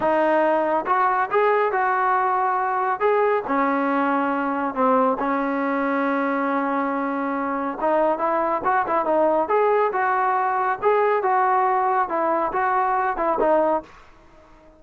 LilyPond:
\new Staff \with { instrumentName = "trombone" } { \time 4/4 \tempo 4 = 139 dis'2 fis'4 gis'4 | fis'2. gis'4 | cis'2. c'4 | cis'1~ |
cis'2 dis'4 e'4 | fis'8 e'8 dis'4 gis'4 fis'4~ | fis'4 gis'4 fis'2 | e'4 fis'4. e'8 dis'4 | }